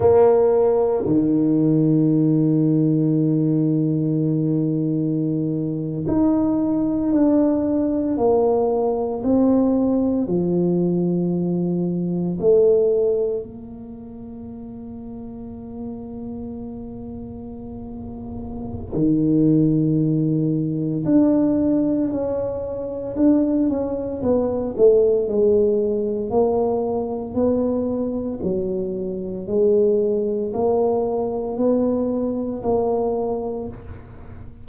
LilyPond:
\new Staff \with { instrumentName = "tuba" } { \time 4/4 \tempo 4 = 57 ais4 dis2.~ | dis4.~ dis16 dis'4 d'4 ais16~ | ais8. c'4 f2 a16~ | a8. ais2.~ ais16~ |
ais2 dis2 | d'4 cis'4 d'8 cis'8 b8 a8 | gis4 ais4 b4 fis4 | gis4 ais4 b4 ais4 | }